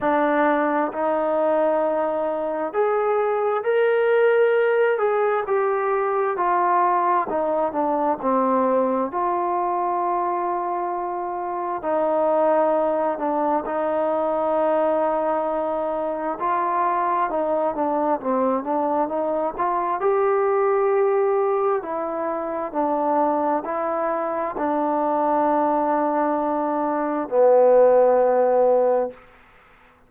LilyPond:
\new Staff \with { instrumentName = "trombone" } { \time 4/4 \tempo 4 = 66 d'4 dis'2 gis'4 | ais'4. gis'8 g'4 f'4 | dis'8 d'8 c'4 f'2~ | f'4 dis'4. d'8 dis'4~ |
dis'2 f'4 dis'8 d'8 | c'8 d'8 dis'8 f'8 g'2 | e'4 d'4 e'4 d'4~ | d'2 b2 | }